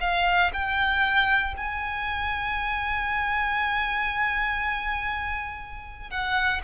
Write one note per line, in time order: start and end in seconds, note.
0.00 0.51 F5
0.53 1.55 G5
1.57 6.10 G#5
6.10 6.61 F#5